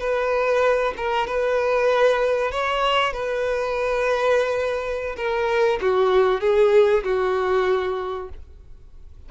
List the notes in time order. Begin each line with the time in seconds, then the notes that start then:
0.00 B4
0.97 A#4
1.27 B4
2.51 C#5
3.13 B4
5.17 A#4
5.82 F#4
6.41 G#4
7.04 F#4